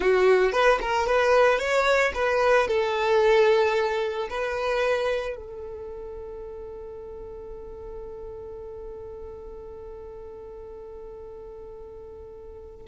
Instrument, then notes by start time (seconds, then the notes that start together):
violin
0.00 F#4
0.52 B4
0.81 A#4
1.06 B4
1.59 C#5
2.14 B4
2.67 A4
4.29 B4
5.35 A4